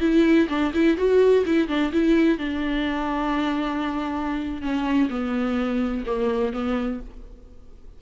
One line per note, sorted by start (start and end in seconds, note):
0.00 0.47 E4
0.48 0.72 D4
0.73 0.97 E4
0.97 1.44 F#4
1.46 1.68 E4
1.68 1.91 D4
1.92 2.38 E4
2.38 4.61 D4
4.61 5.09 C#4
5.09 6.04 B3
6.06 6.53 A#3
6.53 7.00 B3